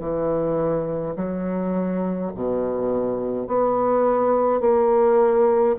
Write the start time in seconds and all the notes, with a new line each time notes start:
0.00 E3
1.16 F#3
2.36 B2
3.48 B3
4.61 A#3